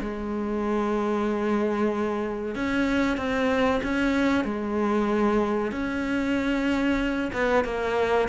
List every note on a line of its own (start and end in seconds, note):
0.00 2.55 G#3
2.55 3.17 C#4
3.17 3.81 C4
3.83 4.44 C#4
4.44 5.71 G#3
5.71 7.31 C#4
7.32 7.64 B3
7.64 8.28 A#3